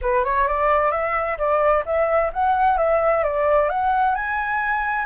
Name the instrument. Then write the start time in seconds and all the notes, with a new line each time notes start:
flute
0.01 B4
0.24 C#5
0.47 D5
0.91 E5
1.38 D5
1.85 E5
2.33 F#5
2.77 E5
3.23 D5
3.69 F#5
4.15 G#5